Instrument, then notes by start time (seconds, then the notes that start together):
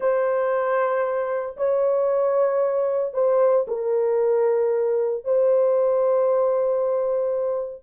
horn
0.00 C5
1.57 C#5
3.13 C5
3.67 A#4
5.24 C5